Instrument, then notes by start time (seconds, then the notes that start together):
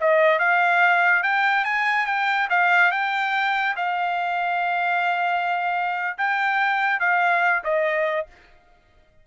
trumpet
0.00 D#5
0.39 F5
1.23 G5
1.65 G#5
2.06 G5
2.50 F5
2.91 G5
3.76 F5
6.18 G5
7.00 F5
7.64 D#5